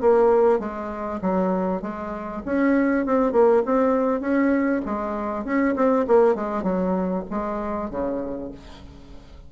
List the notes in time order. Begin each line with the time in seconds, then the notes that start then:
0.00 A#3
0.59 G#3
1.21 F#3
1.81 G#3
2.45 C#4
3.05 C4
3.32 A#3
3.65 C4
4.20 C#4
4.85 G#3
5.44 C#4
5.75 C4
6.07 A#3
6.35 G#3
6.63 F#3
7.30 G#3
7.90 C#3